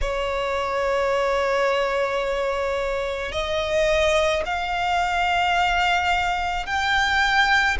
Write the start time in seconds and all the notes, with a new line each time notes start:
0.01 C#5
3.31 D#5
4.45 F5
6.66 G5